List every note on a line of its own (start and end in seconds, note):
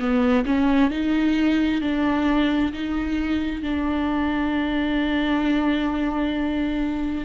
0.00 0.45 B3
0.46 0.91 C#4
0.91 1.82 D#4
1.82 2.73 D4
2.73 3.63 D#4
3.63 7.25 D4